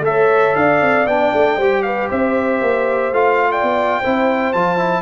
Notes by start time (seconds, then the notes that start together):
0.00 A3 A4 E5
0.07 C#5
0.56 D4 D5 F5
0.81 C4
1.06 B3 D4 G5
1.33 A3
1.57 G3 G4 C5
1.82 B4 F5
2.09 C4 C5 E5
2.61 A#3
3.12 A3 F4 F5
3.51 D5 G5
3.63 B3
4.00 C4 E4 C5
4.53 F3 F4 A5
4.77 E4